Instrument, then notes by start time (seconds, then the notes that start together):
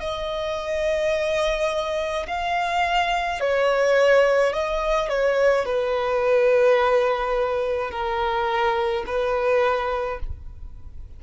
violin
0.00 D#5
2.27 F5
3.40 C#5
4.53 D#5
5.09 C#5
5.65 B4
7.91 A#4
9.06 B4